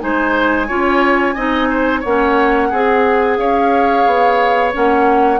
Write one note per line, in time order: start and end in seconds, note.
0.00 0.70 G#3
0.00 0.67 D#4
0.00 0.68 C5
0.00 2.03 G#5
0.68 1.37 C#4
0.68 1.36 F4
0.68 1.35 C#5
1.35 2.04 C4
1.35 2.04 D#4
1.35 1.69 D#5
1.70 2.01 C5
2.01 2.72 A#3
2.01 2.73 C#4
2.01 2.68 C#5
2.01 3.37 F#5
2.70 3.38 C4
2.70 3.37 G#4
2.70 4.73 G#4
3.37 4.06 C#4
3.37 5.40 C#5
3.37 4.72 F5
4.07 4.74 B3
4.73 5.40 A#3
4.73 5.40 C#4
4.73 5.40 F#5